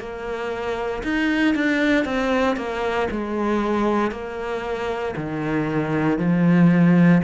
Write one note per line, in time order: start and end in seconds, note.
0.00 1.03 A#3
1.03 1.55 D#4
1.55 2.05 D4
2.05 2.57 C4
2.57 3.08 A#3
3.11 4.11 G#3
4.11 5.15 A#3
5.17 6.19 D#3
6.19 7.22 F3